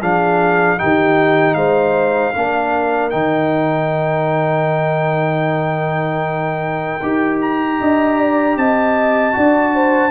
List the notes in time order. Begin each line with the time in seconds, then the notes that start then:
0.00 F3 D4 G#4 F5
0.78 D#3 D#4 G4 G5
1.54 G#3 C5 F5
2.34 A#3 D4 A#4
3.10 D#3 D#4 G5
7.02 D#4 G4
7.41 A#5
7.80 D4 D#5
8.19 D5
8.56 C4 D#5 A5
9.32 D4 F#4 D5
9.75 C5